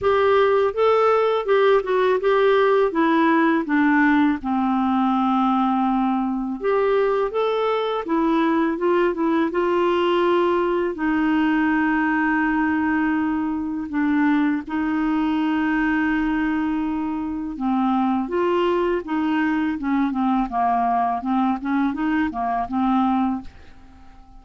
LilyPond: \new Staff \with { instrumentName = "clarinet" } { \time 4/4 \tempo 4 = 82 g'4 a'4 g'8 fis'8 g'4 | e'4 d'4 c'2~ | c'4 g'4 a'4 e'4 | f'8 e'8 f'2 dis'4~ |
dis'2. d'4 | dis'1 | c'4 f'4 dis'4 cis'8 c'8 | ais4 c'8 cis'8 dis'8 ais8 c'4 | }